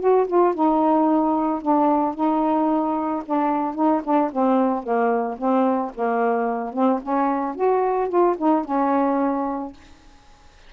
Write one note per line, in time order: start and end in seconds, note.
0.00 0.27 F#4
0.27 0.54 F4
0.55 1.62 D#4
1.62 2.15 D4
2.15 3.23 D#4
3.26 3.75 D4
3.75 4.02 D#4
4.04 4.31 D4
4.32 4.84 C4
4.84 5.38 A#3
5.38 5.92 C4
5.95 6.73 A#3
6.73 7.00 C4
7.02 7.56 C#4
7.56 8.09 F#4
8.09 8.36 F4
8.38 8.65 D#4
8.65 9.73 C#4